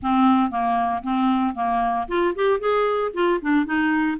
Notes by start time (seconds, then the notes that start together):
0.02 C4
0.50 A#3
1.03 C4
1.54 A#3
2.08 F4
2.35 G4
2.59 G#4
3.13 F4
3.41 D4
3.65 D#4